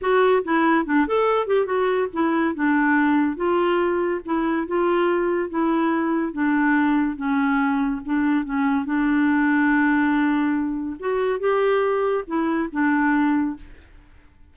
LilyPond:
\new Staff \with { instrumentName = "clarinet" } { \time 4/4 \tempo 4 = 142 fis'4 e'4 d'8 a'4 g'8 | fis'4 e'4 d'2 | f'2 e'4 f'4~ | f'4 e'2 d'4~ |
d'4 cis'2 d'4 | cis'4 d'2.~ | d'2 fis'4 g'4~ | g'4 e'4 d'2 | }